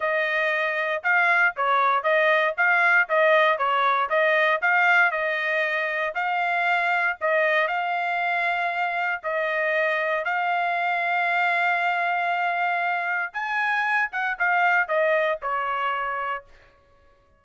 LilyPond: \new Staff \with { instrumentName = "trumpet" } { \time 4/4 \tempo 4 = 117 dis''2 f''4 cis''4 | dis''4 f''4 dis''4 cis''4 | dis''4 f''4 dis''2 | f''2 dis''4 f''4~ |
f''2 dis''2 | f''1~ | f''2 gis''4. fis''8 | f''4 dis''4 cis''2 | }